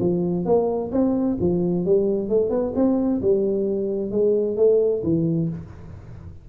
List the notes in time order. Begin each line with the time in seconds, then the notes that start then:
0.00 F3
0.45 A#3
0.92 C4
1.40 F3
1.86 G3
2.29 A3
2.50 B3
2.75 C4
3.22 G3
4.11 G#3
4.57 A3
5.03 E3